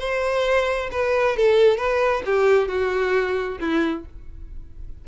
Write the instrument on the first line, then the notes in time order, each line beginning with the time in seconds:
violin
0.00 C5
0.92 B4
1.37 A4
1.78 B4
2.26 G4
2.69 F#4
3.60 E4